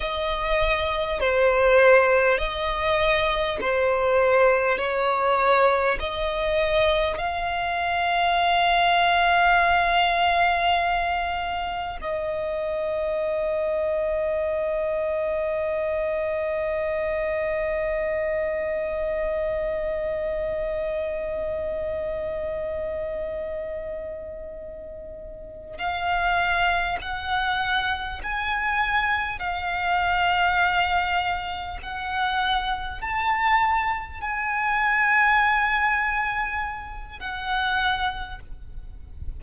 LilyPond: \new Staff \with { instrumentName = "violin" } { \time 4/4 \tempo 4 = 50 dis''4 c''4 dis''4 c''4 | cis''4 dis''4 f''2~ | f''2 dis''2~ | dis''1~ |
dis''1~ | dis''4. f''4 fis''4 gis''8~ | gis''8 f''2 fis''4 a''8~ | a''8 gis''2~ gis''8 fis''4 | }